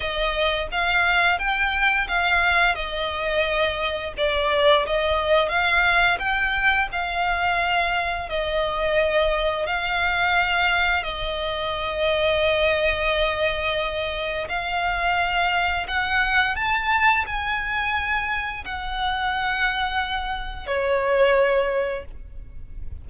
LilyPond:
\new Staff \with { instrumentName = "violin" } { \time 4/4 \tempo 4 = 87 dis''4 f''4 g''4 f''4 | dis''2 d''4 dis''4 | f''4 g''4 f''2 | dis''2 f''2 |
dis''1~ | dis''4 f''2 fis''4 | a''4 gis''2 fis''4~ | fis''2 cis''2 | }